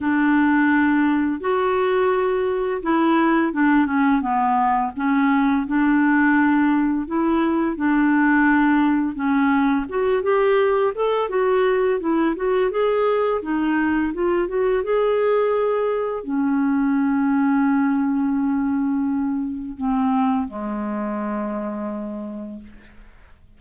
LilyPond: \new Staff \with { instrumentName = "clarinet" } { \time 4/4 \tempo 4 = 85 d'2 fis'2 | e'4 d'8 cis'8 b4 cis'4 | d'2 e'4 d'4~ | d'4 cis'4 fis'8 g'4 a'8 |
fis'4 e'8 fis'8 gis'4 dis'4 | f'8 fis'8 gis'2 cis'4~ | cis'1 | c'4 gis2. | }